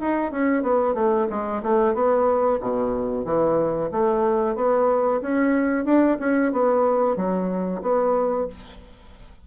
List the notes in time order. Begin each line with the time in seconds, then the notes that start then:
0.00 D#4
0.31 C#4
0.63 B3
0.94 A3
1.30 G#3
1.62 A3
1.94 B3
2.61 B2
3.25 E3
3.91 A3
4.55 B3
5.21 C#4
5.85 D4
6.19 C#4
6.52 B3
7.16 F#3
7.82 B3